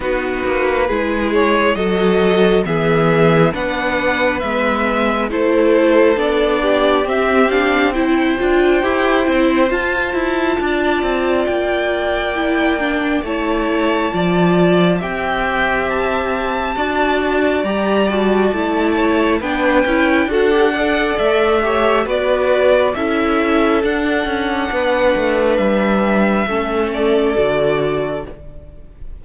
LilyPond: <<
  \new Staff \with { instrumentName = "violin" } { \time 4/4 \tempo 4 = 68 b'4. cis''8 dis''4 e''4 | fis''4 e''4 c''4 d''4 | e''8 f''8 g''2 a''4~ | a''4 g''2 a''4~ |
a''4 g''4 a''2 | ais''8 a''4. g''4 fis''4 | e''4 d''4 e''4 fis''4~ | fis''4 e''4. d''4. | }
  \new Staff \with { instrumentName = "violin" } { \time 4/4 fis'4 gis'4 a'4 gis'4 | b'2 a'4. g'8~ | g'4 c''2. | d''2. cis''4 |
d''4 e''2 d''4~ | d''4. cis''8 b'4 a'8 d''8~ | d''8 cis''8 b'4 a'2 | b'2 a'2 | }
  \new Staff \with { instrumentName = "viola" } { \time 4/4 dis'4 e'4 fis'4 b4 | d'4 b4 e'4 d'4 | c'8 d'8 e'8 f'8 g'8 e'8 f'4~ | f'2 e'8 d'8 e'4 |
f'4 g'2 fis'4 | g'8 fis'8 e'4 d'8 e'8 fis'16 g'16 a'8~ | a'8 g'8 fis'4 e'4 d'4~ | d'2 cis'4 fis'4 | }
  \new Staff \with { instrumentName = "cello" } { \time 4/4 b8 ais8 gis4 fis4 e4 | b4 gis4 a4 b4 | c'4. d'8 e'8 c'8 f'8 e'8 | d'8 c'8 ais2 a4 |
f4 c'2 d'4 | g4 a4 b8 cis'8 d'4 | a4 b4 cis'4 d'8 cis'8 | b8 a8 g4 a4 d4 | }
>>